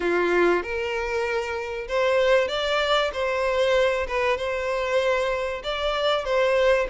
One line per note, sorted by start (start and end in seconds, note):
0.00 0.62 F4
0.62 1.87 A#4
1.88 2.48 C5
2.48 3.10 D5
3.12 4.06 C5
4.07 4.37 B4
4.37 5.62 C5
5.63 6.24 D5
6.24 6.87 C5